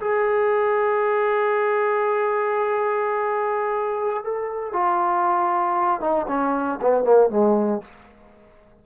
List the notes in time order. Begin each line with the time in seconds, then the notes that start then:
0.00 G#4
4.23 A4
4.73 F4
6.00 D#4
6.28 C#4
6.81 B3
7.04 A#3
7.30 G#3